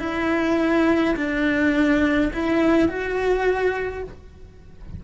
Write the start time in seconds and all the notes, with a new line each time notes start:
0.00 E4
1.16 D4
2.34 E4
2.89 F#4